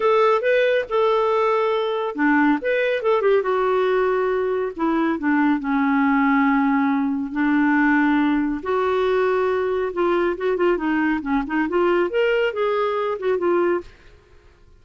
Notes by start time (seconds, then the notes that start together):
0.00 A4
0.41 B4
0.89 A4
2.15 D4
2.61 B4
3.02 A4
3.21 G4
3.42 F#4
4.76 E4
5.18 D4
5.59 C#4
7.31 D4
8.62 F#4
9.93 F4
10.37 F#4
10.56 F4
10.77 D#4
11.21 C#4
11.47 D#4
11.69 F4
12.10 A#4
12.53 G#4
13.19 F#4
13.37 F4